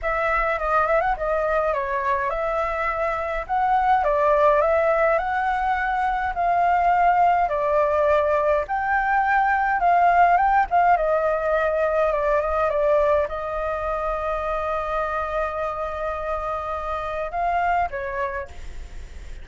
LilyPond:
\new Staff \with { instrumentName = "flute" } { \time 4/4 \tempo 4 = 104 e''4 dis''8 e''16 fis''16 dis''4 cis''4 | e''2 fis''4 d''4 | e''4 fis''2 f''4~ | f''4 d''2 g''4~ |
g''4 f''4 g''8 f''8 dis''4~ | dis''4 d''8 dis''8 d''4 dis''4~ | dis''1~ | dis''2 f''4 cis''4 | }